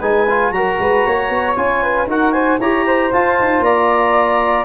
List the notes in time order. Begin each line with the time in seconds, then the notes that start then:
0.00 G#3 D#4 B4 G#5
0.30 F4
0.52 F#3 F#4 A#4 A#5
0.79 G#3 B4
1.07 A#3 C#5
1.30 B3
1.56 C#4 F4 G#5
1.83 B4
2.07 D#4 F#4 A#4 F#5
2.33 C5 G#5
2.60 E4 G4 C#5 A#5
2.87 C5
3.13 F4 A5
3.40 D#4
3.60 A#3 D5 A#5